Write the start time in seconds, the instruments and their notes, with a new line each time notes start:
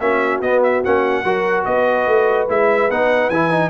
0.00 tuba A#3, trombone C#4, horn F#4, trumpet E5
0.41 tuba B3, trombone B3, trumpet D#5
0.63 trumpet E5
0.85 tuba A#3, trombone C#4, trumpet F#5
1.24 tuba F#3, trombone F#4, horn A#4
1.65 tuba B3, horn B4, trumpet D#5
2.07 tuba A3
2.49 tuba G#3, trombone E4, trumpet E5
2.90 tuba B3, trombone D#4, trumpet F#5
3.29 tuba E3, trombone E4, trumpet G#5
3.50 trombone D#4